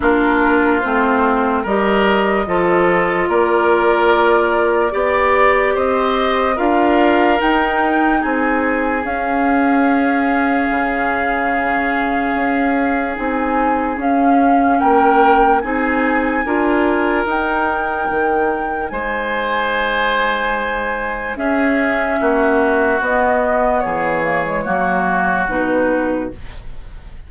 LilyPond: <<
  \new Staff \with { instrumentName = "flute" } { \time 4/4 \tempo 4 = 73 ais'4 c''4 dis''2 | d''2. dis''4 | f''4 g''4 gis''4 f''4~ | f''1 |
gis''4 f''4 g''4 gis''4~ | gis''4 g''2 gis''4~ | gis''2 e''2 | dis''4 cis''2 b'4 | }
  \new Staff \with { instrumentName = "oboe" } { \time 4/4 f'2 ais'4 a'4 | ais'2 d''4 c''4 | ais'2 gis'2~ | gis'1~ |
gis'2 ais'4 gis'4 | ais'2. c''4~ | c''2 gis'4 fis'4~ | fis'4 gis'4 fis'2 | }
  \new Staff \with { instrumentName = "clarinet" } { \time 4/4 d'4 c'4 g'4 f'4~ | f'2 g'2 | f'4 dis'2 cis'4~ | cis'1 |
dis'4 cis'2 dis'4 | f'4 dis'2.~ | dis'2 cis'2 | b4. ais16 gis16 ais4 dis'4 | }
  \new Staff \with { instrumentName = "bassoon" } { \time 4/4 ais4 a4 g4 f4 | ais2 b4 c'4 | d'4 dis'4 c'4 cis'4~ | cis'4 cis2 cis'4 |
c'4 cis'4 ais4 c'4 | d'4 dis'4 dis4 gis4~ | gis2 cis'4 ais4 | b4 e4 fis4 b,4 | }
>>